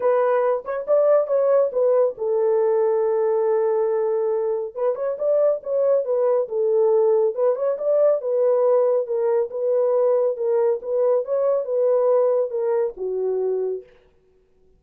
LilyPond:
\new Staff \with { instrumentName = "horn" } { \time 4/4 \tempo 4 = 139 b'4. cis''8 d''4 cis''4 | b'4 a'2.~ | a'2. b'8 cis''8 | d''4 cis''4 b'4 a'4~ |
a'4 b'8 cis''8 d''4 b'4~ | b'4 ais'4 b'2 | ais'4 b'4 cis''4 b'4~ | b'4 ais'4 fis'2 | }